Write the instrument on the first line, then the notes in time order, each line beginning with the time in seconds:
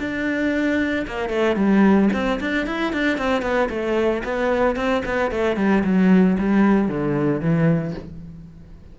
cello
0.00 D4
1.07 A#3
1.30 A3
1.56 G3
2.13 C4
2.41 D4
2.67 E4
2.93 D4
3.18 C4
3.42 B3
3.70 A3
4.24 B3
4.76 C4
5.05 B3
5.32 A3
5.57 G3
5.84 F#3
6.39 G3
6.89 D3
7.41 E3